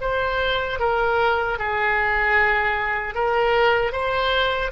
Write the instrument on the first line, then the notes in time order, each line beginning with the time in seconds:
oboe
0.00 C5
0.79 A#4
1.58 G#4
3.14 A#4
3.92 C5